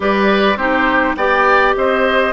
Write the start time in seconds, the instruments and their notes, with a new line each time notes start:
0.00 bassoon G3, clarinet G4, oboe B4, flute D5
0.56 bassoon C4, clarinet D#4, oboe G4, flute C5
1.16 bassoon B3, clarinet G4, oboe D5, flute G5
1.76 bassoon C4, oboe C5, flute D#5